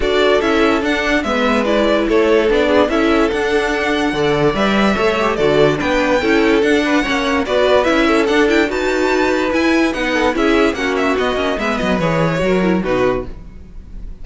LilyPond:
<<
  \new Staff \with { instrumentName = "violin" } { \time 4/4 \tempo 4 = 145 d''4 e''4 fis''4 e''4 | d''4 cis''4 d''4 e''4 | fis''2. e''4~ | e''4 d''4 g''2 |
fis''2 d''4 e''4 | fis''8 g''8 a''2 gis''4 | fis''4 e''4 fis''8 e''8 dis''4 | e''8 dis''8 cis''2 b'4 | }
  \new Staff \with { instrumentName = "violin" } { \time 4/4 a'2. b'4~ | b'4 a'4. gis'8 a'4~ | a'2 d''2 | cis''4 a'4 b'4 a'4~ |
a'8 b'8 cis''4 b'4. a'8~ | a'4 b'2.~ | b'8 a'8 gis'4 fis'2 | b'2 ais'4 fis'4 | }
  \new Staff \with { instrumentName = "viola" } { \time 4/4 fis'4 e'4 d'4 b4 | e'2 d'4 e'4 | d'2 a'4 b'4 | a'8 g'8 fis'4 d'4 e'4 |
d'4 cis'4 fis'4 e'4 | d'8 e'8 fis'2 e'4 | dis'4 e'4 cis'4 b8 cis'8 | b4 gis'4 fis'8 e'8 dis'4 | }
  \new Staff \with { instrumentName = "cello" } { \time 4/4 d'4 cis'4 d'4 gis4~ | gis4 a4 b4 cis'4 | d'2 d4 g4 | a4 d4 b4 cis'4 |
d'4 ais4 b4 cis'4 | d'4 dis'2 e'4 | b4 cis'4 ais4 b8 ais8 | gis8 fis8 e4 fis4 b,4 | }
>>